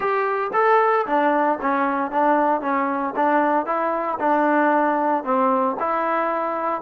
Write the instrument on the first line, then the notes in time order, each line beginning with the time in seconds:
trombone
0.00 G4
0.53 A4
1.06 D4
1.61 C#4
2.11 D4
2.61 C#4
3.16 D4
3.66 E4
4.19 D4
5.23 C4
5.79 E4